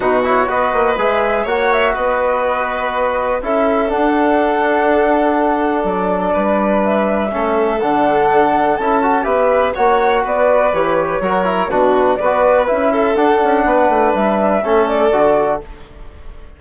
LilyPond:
<<
  \new Staff \with { instrumentName = "flute" } { \time 4/4 \tempo 4 = 123 b'8 cis''8 dis''4 e''4 fis''8 e''8 | dis''2. e''4 | fis''1 | d''2 e''2 |
fis''2 a''4 e''4 | fis''4 d''4 cis''2 | b'4 d''4 e''4 fis''4~ | fis''4 e''4. d''4. | }
  \new Staff \with { instrumentName = "violin" } { \time 4/4 fis'4 b'2 cis''4 | b'2. a'4~ | a'1~ | a'4 b'2 a'4~ |
a'2. b'4 | cis''4 b'2 ais'4 | fis'4 b'4. a'4. | b'2 a'2 | }
  \new Staff \with { instrumentName = "trombone" } { \time 4/4 dis'8 e'8 fis'4 gis'4 fis'4~ | fis'2. e'4 | d'1~ | d'2. cis'4 |
d'2 e'8 fis'8 g'4 | fis'2 g'4 fis'8 e'8 | d'4 fis'4 e'4 d'4~ | d'2 cis'4 fis'4 | }
  \new Staff \with { instrumentName = "bassoon" } { \time 4/4 b,4 b8 ais8 gis4 ais4 | b2. cis'4 | d'1 | fis4 g2 a4 |
d2 cis'4 b4 | ais4 b4 e4 fis4 | b,4 b4 cis'4 d'8 cis'8 | b8 a8 g4 a4 d4 | }
>>